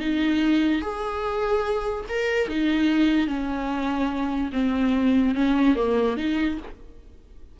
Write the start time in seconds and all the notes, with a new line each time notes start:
0.00 D#4
0.82 G#4
2.09 A#4
2.49 D#4
3.28 C#4
4.53 C4
5.35 C#4
5.76 A#3
6.17 D#4